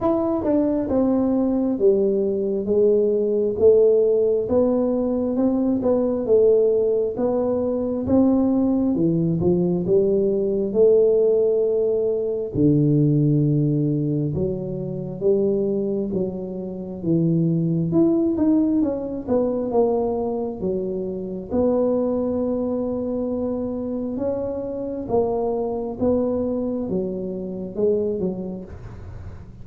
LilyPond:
\new Staff \with { instrumentName = "tuba" } { \time 4/4 \tempo 4 = 67 e'8 d'8 c'4 g4 gis4 | a4 b4 c'8 b8 a4 | b4 c'4 e8 f8 g4 | a2 d2 |
fis4 g4 fis4 e4 | e'8 dis'8 cis'8 b8 ais4 fis4 | b2. cis'4 | ais4 b4 fis4 gis8 fis8 | }